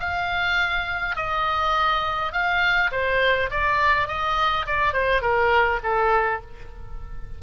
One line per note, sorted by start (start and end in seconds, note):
0.00 1.16 F5
1.16 2.32 D#5
2.32 2.91 F5
2.92 3.50 C5
3.51 4.08 D5
4.08 4.66 D#5
4.66 4.93 D5
4.93 5.21 C5
5.21 5.80 A#4
5.83 6.41 A4